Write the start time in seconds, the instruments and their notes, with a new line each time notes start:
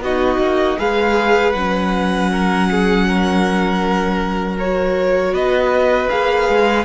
0.00 cello B3, viola D#4, violin F#4 D#5
0.39 cello A#3
0.78 cello G#3, viola G#4, violin B4 F5
1.52 cello F#3, viola C#4, violin F#5
2.31 violin A#4
2.71 violin G#4
3.08 violin A#4
4.59 viola F#4, violin C#5
5.32 cello B3, violin B4 D#5
6.09 cello A#3, viola G#4, violin F5
6.49 cello G#3